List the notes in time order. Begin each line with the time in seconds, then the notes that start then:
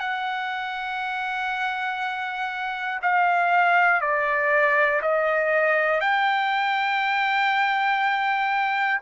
0.00 F#5
3.02 F5
4.01 D5
5.02 D#5
6.01 G5